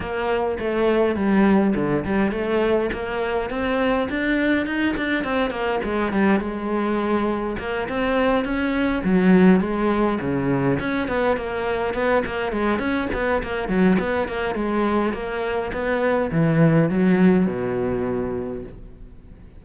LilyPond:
\new Staff \with { instrumentName = "cello" } { \time 4/4 \tempo 4 = 103 ais4 a4 g4 d8 g8 | a4 ais4 c'4 d'4 | dis'8 d'8 c'8 ais8 gis8 g8 gis4~ | gis4 ais8 c'4 cis'4 fis8~ |
fis8 gis4 cis4 cis'8 b8 ais8~ | ais8 b8 ais8 gis8 cis'8 b8 ais8 fis8 | b8 ais8 gis4 ais4 b4 | e4 fis4 b,2 | }